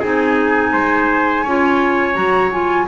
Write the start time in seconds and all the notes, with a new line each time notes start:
0.00 C4 D#4 G#4 G#5
0.73 G#3 C5
1.43 C#4 F4 C#5
2.14 F#3 F#4 A#5
2.52 F4 G#5